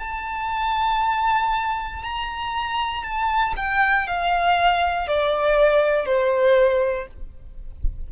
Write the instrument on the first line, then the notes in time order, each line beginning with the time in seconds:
violin
0.00 A5
2.03 A#5
3.04 A5
3.57 G5
4.07 F5
5.08 D5
6.06 C5